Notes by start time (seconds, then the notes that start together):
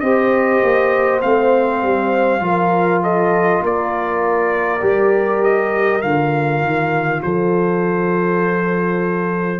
0.00 C4 G4 C5 D#5
0.63 A#3
1.22 A3 C4 F5
1.82 G3
2.40 F3 F4 A#4
3.03 A4 D#5
3.62 A#3 A#4 D5
4.82 G3 G4
5.44 D#5
6.01 D3 F4 F5
6.61 D#3
7.22 F3 A4 C5